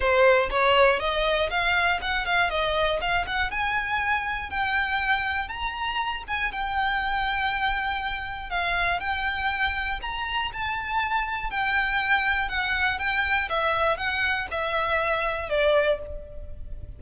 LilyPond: \new Staff \with { instrumentName = "violin" } { \time 4/4 \tempo 4 = 120 c''4 cis''4 dis''4 f''4 | fis''8 f''8 dis''4 f''8 fis''8 gis''4~ | gis''4 g''2 ais''4~ | ais''8 gis''8 g''2.~ |
g''4 f''4 g''2 | ais''4 a''2 g''4~ | g''4 fis''4 g''4 e''4 | fis''4 e''2 d''4 | }